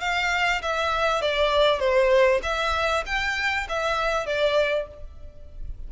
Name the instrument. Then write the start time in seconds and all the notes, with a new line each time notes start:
violin
0.00 F5
0.62 E5
1.21 D5
1.79 C5
2.42 E5
3.06 G5
3.68 E5
4.26 D5